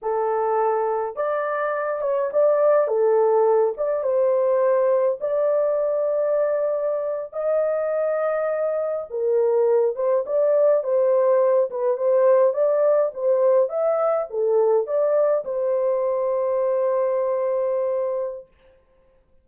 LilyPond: \new Staff \with { instrumentName = "horn" } { \time 4/4 \tempo 4 = 104 a'2 d''4. cis''8 | d''4 a'4. d''8 c''4~ | c''4 d''2.~ | d''8. dis''2. ais'16~ |
ais'4~ ais'16 c''8 d''4 c''4~ c''16~ | c''16 b'8 c''4 d''4 c''4 e''16~ | e''8. a'4 d''4 c''4~ c''16~ | c''1 | }